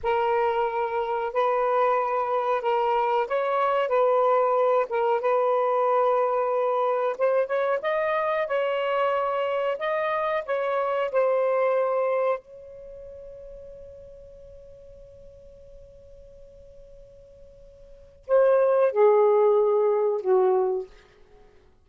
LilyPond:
\new Staff \with { instrumentName = "saxophone" } { \time 4/4 \tempo 4 = 92 ais'2 b'2 | ais'4 cis''4 b'4. ais'8 | b'2. c''8 cis''8 | dis''4 cis''2 dis''4 |
cis''4 c''2 cis''4~ | cis''1~ | cis''1 | c''4 gis'2 fis'4 | }